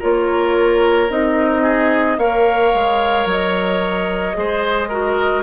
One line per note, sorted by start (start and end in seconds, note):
0.00 1.10 A#3
0.00 1.09 F4
0.00 1.63 A#4
0.00 1.11 C#5
1.09 2.18 C4
1.09 2.18 D#4
1.09 2.19 D#5
1.63 2.17 G#4
2.18 2.73 A#3
2.18 4.34 A#4
2.18 4.37 C#5
2.18 3.28 F5
2.74 3.26 G#3
3.26 4.35 F#3
3.26 5.44 D#5
4.34 5.44 G#3
4.34 4.88 G#4
4.34 4.89 C5
4.89 5.44 F#4
4.89 5.44 A#4